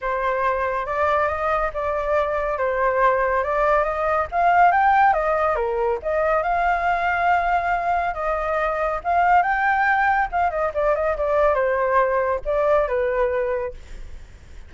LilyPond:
\new Staff \with { instrumentName = "flute" } { \time 4/4 \tempo 4 = 140 c''2 d''4 dis''4 | d''2 c''2 | d''4 dis''4 f''4 g''4 | dis''4 ais'4 dis''4 f''4~ |
f''2. dis''4~ | dis''4 f''4 g''2 | f''8 dis''8 d''8 dis''8 d''4 c''4~ | c''4 d''4 b'2 | }